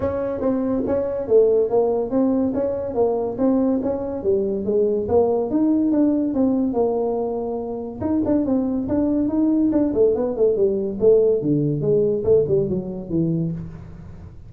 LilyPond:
\new Staff \with { instrumentName = "tuba" } { \time 4/4 \tempo 4 = 142 cis'4 c'4 cis'4 a4 | ais4 c'4 cis'4 ais4 | c'4 cis'4 g4 gis4 | ais4 dis'4 d'4 c'4 |
ais2. dis'8 d'8 | c'4 d'4 dis'4 d'8 a8 | b8 a8 g4 a4 d4 | gis4 a8 g8 fis4 e4 | }